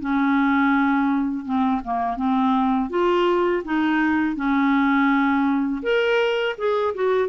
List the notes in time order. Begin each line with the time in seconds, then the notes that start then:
0.00 C#4
1.45 C4
1.84 A#3
2.17 C4
2.90 F4
3.65 D#4
4.36 C#4
5.82 A#4
6.58 G#4
6.94 F#4